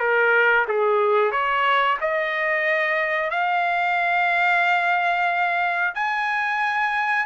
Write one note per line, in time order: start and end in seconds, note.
0.00 0.66 A#4
0.68 1.32 G#4
1.32 1.98 C#5
2.01 3.31 D#5
3.31 5.94 F5
5.95 7.26 G#5